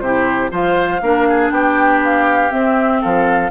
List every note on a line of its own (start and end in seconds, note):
0.00 0.50 C3
0.00 0.50 E4
0.00 0.51 G4
0.00 0.51 C5
0.50 1.02 F3
0.50 1.00 F4
0.50 1.01 C5
0.50 1.51 F5
1.02 1.51 A#3
1.02 2.50 D4
1.02 1.28 A#4
1.29 1.53 G#4
1.51 2.51 B3
1.51 3.01 G4
1.51 2.01 G5
2.05 2.52 F5
2.50 3.50 C4
2.50 3.02 C4
2.50 3.02 E5
3.01 3.51 F3
3.01 3.51 A4
3.01 3.51 F5